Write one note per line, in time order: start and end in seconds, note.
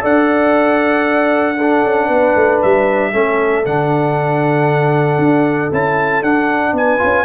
0.00 1.84 D4
0.00 1.55 A4
0.00 1.57 D5
0.00 2.62 F#5
1.57 3.12 D4
1.57 2.06 A4
1.84 2.09 C#4
2.06 2.34 B3
2.06 3.10 B4
2.35 2.61 A3
2.62 3.14 G3
2.62 3.65 E5
3.12 3.65 A3
3.12 3.64 C#4
3.12 6.74 A4
3.65 5.18 D3
3.65 5.72 D4
3.65 5.72 F#5
5.18 5.70 D4
5.72 6.22 C#4
5.72 6.23 E4
5.72 6.23 A5
6.22 6.72 D4
6.22 6.98 D4
6.22 6.75 F#5
6.72 6.98 B3
6.72 7.25 B4
6.72 7.25 G#5
6.98 7.25 C#4
6.98 7.24 F4